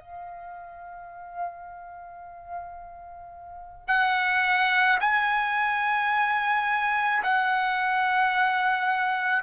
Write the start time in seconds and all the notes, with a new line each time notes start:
0.00 F5
3.87 F#5
5.01 G#5
7.23 F#5